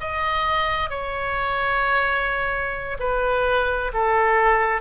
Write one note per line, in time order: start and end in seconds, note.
0.00 0.89 D#5
0.89 2.97 C#5
2.99 3.91 B4
3.93 4.81 A4